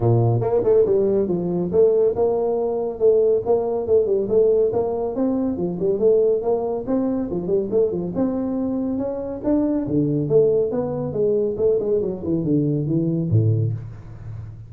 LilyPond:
\new Staff \with { instrumentName = "tuba" } { \time 4/4 \tempo 4 = 140 ais,4 ais8 a8 g4 f4 | a4 ais2 a4 | ais4 a8 g8 a4 ais4 | c'4 f8 g8 a4 ais4 |
c'4 f8 g8 a8 f8 c'4~ | c'4 cis'4 d'4 d4 | a4 b4 gis4 a8 gis8 | fis8 e8 d4 e4 a,4 | }